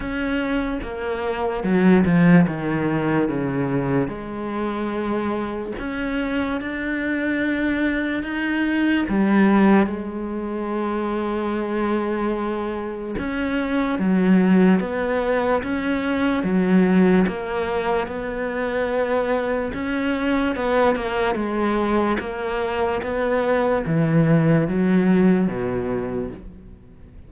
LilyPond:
\new Staff \with { instrumentName = "cello" } { \time 4/4 \tempo 4 = 73 cis'4 ais4 fis8 f8 dis4 | cis4 gis2 cis'4 | d'2 dis'4 g4 | gis1 |
cis'4 fis4 b4 cis'4 | fis4 ais4 b2 | cis'4 b8 ais8 gis4 ais4 | b4 e4 fis4 b,4 | }